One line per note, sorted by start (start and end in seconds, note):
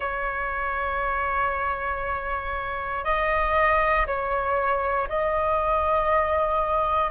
0.00 3.04 C#5
3.04 4.06 D#5
4.06 5.08 C#5
5.08 7.10 D#5